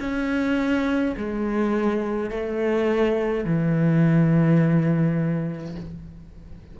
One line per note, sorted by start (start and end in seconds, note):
0.00 1.15 C#4
1.17 2.30 G#3
2.30 3.45 A3
3.45 5.76 E3